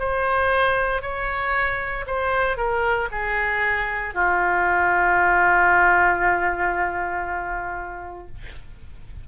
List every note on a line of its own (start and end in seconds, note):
0.00 1.02 C5
1.02 2.05 C#5
2.07 2.57 C5
2.57 3.09 A#4
3.12 4.14 G#4
4.14 8.28 F4